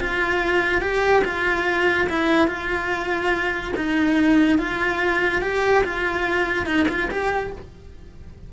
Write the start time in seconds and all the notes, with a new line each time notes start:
0.00 F4
0.81 G4
1.24 F4
2.09 E4
2.48 F4
3.77 D#4
4.59 F4
5.42 G4
5.84 F4
6.66 D#4
6.89 F4
7.11 G4